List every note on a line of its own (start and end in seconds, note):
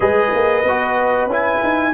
0.00 0.32 G#3
0.00 0.63 G#4
0.00 1.92 B4
0.00 1.29 D#5
0.34 0.63 A#3
0.63 1.26 B3
0.63 1.30 F#4
1.26 1.58 C#4
1.26 1.93 E4
1.26 1.93 G#5
1.63 1.93 D#4